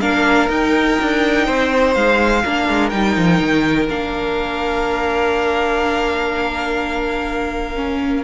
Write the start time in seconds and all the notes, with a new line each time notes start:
0.00 A#3 D4 A#4 F5
0.48 D#4 G5
1.01 D4
1.46 C4 C5
1.94 G#3 F5
2.43 A#3 D4 A#4
2.68 G#3
2.89 G3 D#4 G5
3.16 F3
3.40 D#3
3.89 A#3 D4 F5
7.75 C#4